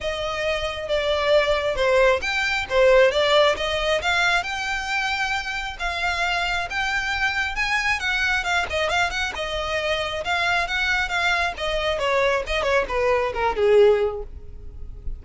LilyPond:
\new Staff \with { instrumentName = "violin" } { \time 4/4 \tempo 4 = 135 dis''2 d''2 | c''4 g''4 c''4 d''4 | dis''4 f''4 g''2~ | g''4 f''2 g''4~ |
g''4 gis''4 fis''4 f''8 dis''8 | f''8 fis''8 dis''2 f''4 | fis''4 f''4 dis''4 cis''4 | dis''8 cis''8 b'4 ais'8 gis'4. | }